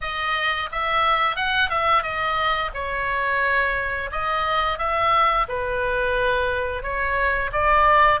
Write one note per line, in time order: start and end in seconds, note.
0.01 0.69 D#5
0.71 1.36 E5
1.36 1.69 F#5
1.69 2.02 E5
2.02 2.71 D#5
2.73 4.10 C#5
4.11 4.78 D#5
4.78 5.46 E5
5.48 6.82 B4
6.82 7.50 C#5
7.52 8.20 D5